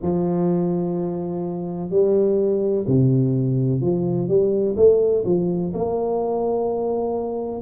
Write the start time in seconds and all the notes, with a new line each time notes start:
0.02 F3
1.90 G3
2.87 C3
3.81 F3
4.28 G3
4.76 A3
5.25 F3
5.74 A#3